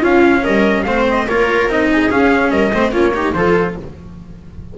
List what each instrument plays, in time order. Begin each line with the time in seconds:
0.00 double bass C#4, cello C#4, viola F4, trumpet F5
0.43 double bass G3, viola A#4, trumpet D#5
0.83 double bass A3, cello C4, viola C5, trumpet F5
1.10 trumpet D#5
1.27 double bass A#3, cello F4, viola A#4, trumpet C#5
1.67 double bass C4, cello D#4, trumpet D#5
1.92 viola G#4
2.10 cello C#4, double bass C#4, trumpet F5
2.50 double bass G3, viola A#4, trumpet D#5
2.73 double bass A3, cello C4, viola C5
2.92 double bass A#3, cello C#4, viola F4, trumpet C#5
3.14 cello D#4, viola G4
3.33 double bass F3, cello F4, viola A4, trumpet C5